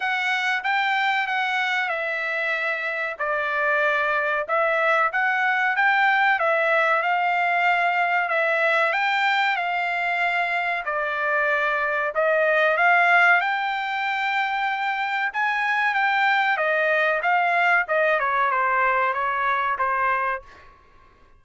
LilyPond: \new Staff \with { instrumentName = "trumpet" } { \time 4/4 \tempo 4 = 94 fis''4 g''4 fis''4 e''4~ | e''4 d''2 e''4 | fis''4 g''4 e''4 f''4~ | f''4 e''4 g''4 f''4~ |
f''4 d''2 dis''4 | f''4 g''2. | gis''4 g''4 dis''4 f''4 | dis''8 cis''8 c''4 cis''4 c''4 | }